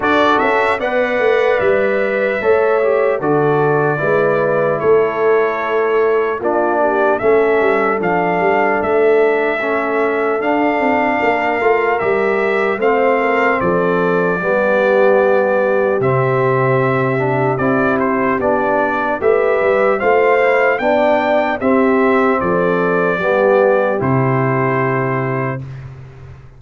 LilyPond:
<<
  \new Staff \with { instrumentName = "trumpet" } { \time 4/4 \tempo 4 = 75 d''8 e''8 fis''4 e''2 | d''2 cis''2 | d''4 e''4 f''4 e''4~ | e''4 f''2 e''4 |
f''4 d''2. | e''2 d''8 c''8 d''4 | e''4 f''4 g''4 e''4 | d''2 c''2 | }
  \new Staff \with { instrumentName = "horn" } { \time 4/4 a'4 d''2 cis''4 | a'4 b'4 a'2 | f'8 g'8 a'2.~ | a'2 ais'2 |
c''8 ais'8 a'4 g'2~ | g'1 | b'4 c''4 d''4 g'4 | a'4 g'2. | }
  \new Staff \with { instrumentName = "trombone" } { \time 4/4 fis'4 b'2 a'8 g'8 | fis'4 e'2. | d'4 cis'4 d'2 | cis'4 d'4. f'8 g'4 |
c'2 b2 | c'4. d'8 e'4 d'4 | g'4 f'8 e'8 d'4 c'4~ | c'4 b4 e'2 | }
  \new Staff \with { instrumentName = "tuba" } { \time 4/4 d'8 cis'8 b8 a8 g4 a4 | d4 gis4 a2 | ais4 a8 g8 f8 g8 a4~ | a4 d'8 c'8 ais8 a8 g4 |
a4 f4 g2 | c2 c'4 b4 | a8 g8 a4 b4 c'4 | f4 g4 c2 | }
>>